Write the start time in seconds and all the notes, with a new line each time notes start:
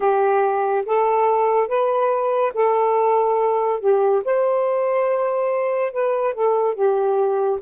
0.00 G4
0.85 A4
1.67 B4
2.54 A4
3.80 G4
4.24 C5
5.92 B4
6.33 A4
6.74 G4